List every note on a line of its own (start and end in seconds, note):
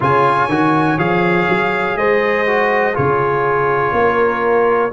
0.00 0.48 C#3
0.00 0.49 F4
0.00 1.98 C#5
0.00 0.99 G#5
0.48 0.97 D#3
0.48 0.98 F#4
0.98 1.47 F3
0.98 2.46 G#4
0.98 1.97 F5
1.48 1.95 F#3
1.95 2.94 G#3
1.95 2.94 C5
1.95 2.95 D#5
2.46 2.93 F#4
2.93 3.92 C#3
2.93 4.90 F4
2.93 3.92 G#4
2.93 4.92 C#5
3.92 4.90 A#3
3.92 4.92 A#4